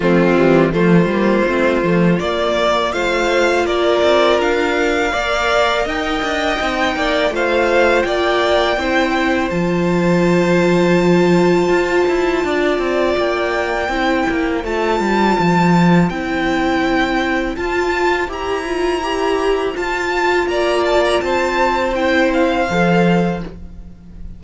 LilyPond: <<
  \new Staff \with { instrumentName = "violin" } { \time 4/4 \tempo 4 = 82 f'4 c''2 d''4 | f''4 d''4 f''2 | g''2 f''4 g''4~ | g''4 a''2.~ |
a''2 g''2 | a''2 g''2 | a''4 ais''2 a''4 | ais''8 a''16 ais''16 a''4 g''8 f''4. | }
  \new Staff \with { instrumentName = "violin" } { \time 4/4 c'4 f'2. | c''4 ais'2 d''4 | dis''4. d''8 c''4 d''4 | c''1~ |
c''4 d''2 c''4~ | c''1~ | c''1 | d''4 c''2. | }
  \new Staff \with { instrumentName = "viola" } { \time 4/4 a8 g8 a8 ais8 c'8 a8 ais4 | f'2. ais'4~ | ais'4 dis'4 f'2 | e'4 f'2.~ |
f'2. e'4 | f'2 e'2 | f'4 g'8 f'8 g'4 f'4~ | f'2 e'4 a'4 | }
  \new Staff \with { instrumentName = "cello" } { \time 4/4 f8 e8 f8 g8 a8 f8 ais4 | a4 ais8 c'8 d'4 ais4 | dis'8 d'8 c'8 ais8 a4 ais4 | c'4 f2. |
f'8 e'8 d'8 c'8 ais4 c'8 ais8 | a8 g8 f4 c'2 | f'4 e'2 f'4 | ais4 c'2 f4 | }
>>